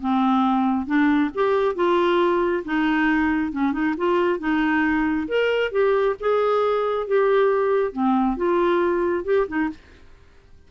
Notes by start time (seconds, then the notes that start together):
0.00 C4
0.86 D4
1.34 G4
1.75 F4
2.65 D#4
3.52 C#4
3.72 D#4
3.97 F4
4.39 D#4
5.28 A#4
5.71 G4
6.20 G#4
7.07 G4
7.92 C4
8.36 F4
9.24 G4
9.47 D#4